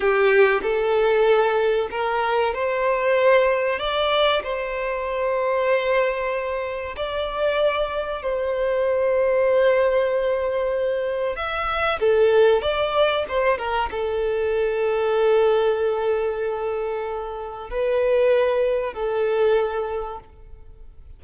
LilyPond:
\new Staff \with { instrumentName = "violin" } { \time 4/4 \tempo 4 = 95 g'4 a'2 ais'4 | c''2 d''4 c''4~ | c''2. d''4~ | d''4 c''2.~ |
c''2 e''4 a'4 | d''4 c''8 ais'8 a'2~ | a'1 | b'2 a'2 | }